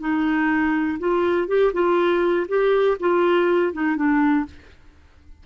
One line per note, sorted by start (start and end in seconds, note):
0.00 0.98 D#4
0.99 1.48 F4
1.48 1.72 G4
1.73 2.47 F4
2.49 2.98 G4
3.00 3.73 F4
3.73 3.96 D#4
3.96 4.45 D4